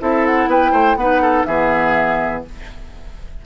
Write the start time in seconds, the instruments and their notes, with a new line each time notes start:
0.00 bassoon C4, clarinet E4, oboe A4, flute E5
0.26 flute F#5
0.47 bassoon B3, oboe B4, flute G5
0.72 bassoon A3, oboe C5
0.96 bassoon B3, clarinet D#4, oboe B4, flute F#5
1.22 oboe A4
1.45 bassoon E3, clarinet B3, oboe G#4, flute E5